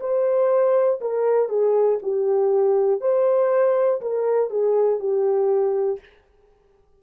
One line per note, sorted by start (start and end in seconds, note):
0.00 1.00 C5
1.00 1.48 A#4
1.48 1.98 G#4
2.02 3.00 G4
3.00 4.00 C5
4.00 4.50 A#4
4.50 4.99 G#4
4.99 5.99 G4